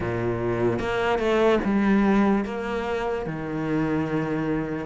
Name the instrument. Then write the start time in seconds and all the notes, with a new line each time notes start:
cello
0.00 A#2
0.79 A#3
1.18 A3
1.64 G3
2.44 A#3
3.26 D#3